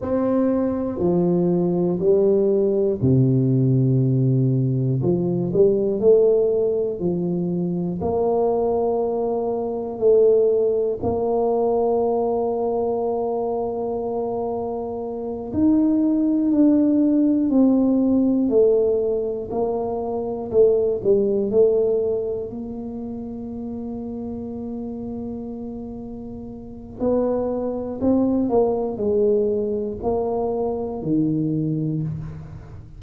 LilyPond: \new Staff \with { instrumentName = "tuba" } { \time 4/4 \tempo 4 = 60 c'4 f4 g4 c4~ | c4 f8 g8 a4 f4 | ais2 a4 ais4~ | ais2.~ ais8 dis'8~ |
dis'8 d'4 c'4 a4 ais8~ | ais8 a8 g8 a4 ais4.~ | ais2. b4 | c'8 ais8 gis4 ais4 dis4 | }